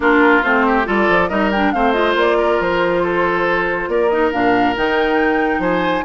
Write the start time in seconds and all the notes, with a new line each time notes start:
0.00 A#3 D4 F4 A#4
0.43 A3 C4 C5
0.66 G4
0.84 G3 F4 A4 D5
1.09 F3
1.29 G3 D#4 A#4 D#5
1.51 D4 G5
1.72 A3 C4 C5 F5
1.92 F4 D#5
2.15 A#3 D5
2.37 A#4
2.60 F3 C5
3.02 A4
3.88 A#3 A#4 D5
4.09 D#4 D#5
4.32 A#2 D4 F5
4.76 D#3 D#4 G5
5.58 F3 C5 G#5